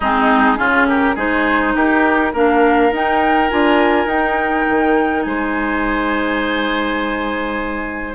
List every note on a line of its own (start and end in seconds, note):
0.00 0.59 G#3
0.00 0.56 C4
0.00 0.57 D#4
0.00 0.87 G#4
0.56 1.16 C#3
0.56 1.14 C#4
0.56 0.87 F4
0.87 1.15 G4
0.87 1.16 A#4
1.15 1.74 G#3
1.15 2.33 D#4
1.15 1.73 G#4
1.15 1.75 C5
1.75 2.33 D#4
1.75 2.33 G4
1.75 2.34 A#4
2.33 2.91 A#3
2.33 2.92 D4
2.33 5.24 A#4
2.33 2.94 F5
2.91 3.50 D#4
2.91 3.49 D#4
2.91 3.50 G5
3.49 4.05 D4
3.49 4.08 F4
3.49 4.08 G#5
4.05 4.63 D#4
4.05 8.15 D#4
4.05 5.22 G5
4.69 5.25 D#3
5.22 8.15 G#3
5.22 8.15 C5
5.22 8.13 G#5